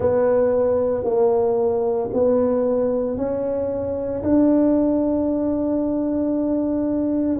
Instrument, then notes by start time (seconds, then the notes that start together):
tuba
0.00 B3
1.03 A#3
2.13 B3
3.17 C#4
4.23 D4